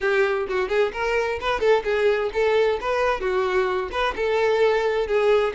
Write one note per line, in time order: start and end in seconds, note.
0.00 0.46 G4
0.48 0.68 F#4
0.68 0.91 G#4
0.93 1.39 A#4
1.40 1.60 B4
1.60 1.83 A4
1.84 2.30 G#4
2.33 2.79 A4
2.80 3.20 B4
3.20 3.89 F#4
3.91 4.14 B4
4.16 5.07 A4
5.07 5.53 G#4